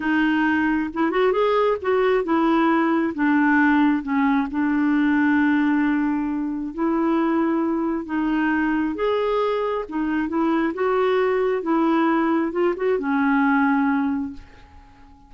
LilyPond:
\new Staff \with { instrumentName = "clarinet" } { \time 4/4 \tempo 4 = 134 dis'2 e'8 fis'8 gis'4 | fis'4 e'2 d'4~ | d'4 cis'4 d'2~ | d'2. e'4~ |
e'2 dis'2 | gis'2 dis'4 e'4 | fis'2 e'2 | f'8 fis'8 cis'2. | }